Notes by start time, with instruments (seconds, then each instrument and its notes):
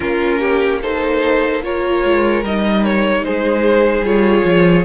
0.00 cello A#3, viola C#4, violin F4 A#4
0.39 violin G4
0.81 viola D#4, violin A4 C5
1.62 viola F4, violin A#4 C#5
2.04 cello G#3
2.43 cello G3, viola D#4, violin D#5
2.84 violin C#5
3.24 cello G#3, violin G#4 C5
4.01 cello G3, viola F4, violin C#5
4.45 cello F3